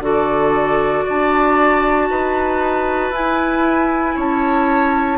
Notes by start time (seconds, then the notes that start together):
0.00 D3 F#4 A4 D5
1.05 D4 D5 A5
2.10 D#4 B4
3.11 E4 G#5
4.16 C#4 C#5 A5